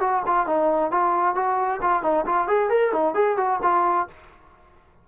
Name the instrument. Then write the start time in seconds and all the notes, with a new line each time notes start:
trombone
0.00 F#4
0.26 F4
0.46 D#4
0.91 F4
1.35 F#4
1.81 F4
2.03 D#4
2.26 F4
2.47 G#4
2.69 A#4
2.92 D#4
3.14 G#4
3.37 F#4
3.62 F4